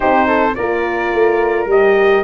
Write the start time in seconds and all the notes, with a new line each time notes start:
0.00 C4 D#4 G4 C5
0.26 A4
0.55 A#3 F4 A#4 D5
1.13 A3
1.66 G3 G4 D#5